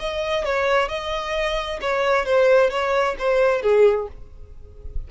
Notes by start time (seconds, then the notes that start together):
0.00 D#5
0.45 C#5
0.89 D#5
1.81 C#5
2.26 C5
2.71 C#5
3.19 C5
3.63 G#4